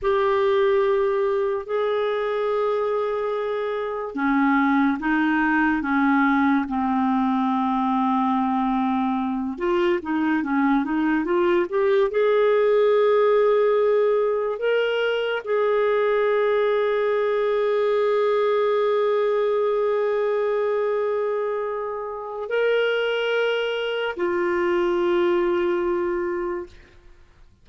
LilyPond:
\new Staff \with { instrumentName = "clarinet" } { \time 4/4 \tempo 4 = 72 g'2 gis'2~ | gis'4 cis'4 dis'4 cis'4 | c'2.~ c'8 f'8 | dis'8 cis'8 dis'8 f'8 g'8 gis'4.~ |
gis'4. ais'4 gis'4.~ | gis'1~ | gis'2. ais'4~ | ais'4 f'2. | }